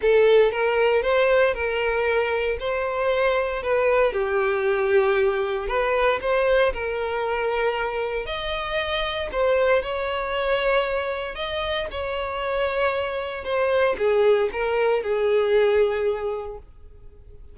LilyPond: \new Staff \with { instrumentName = "violin" } { \time 4/4 \tempo 4 = 116 a'4 ais'4 c''4 ais'4~ | ais'4 c''2 b'4 | g'2. b'4 | c''4 ais'2. |
dis''2 c''4 cis''4~ | cis''2 dis''4 cis''4~ | cis''2 c''4 gis'4 | ais'4 gis'2. | }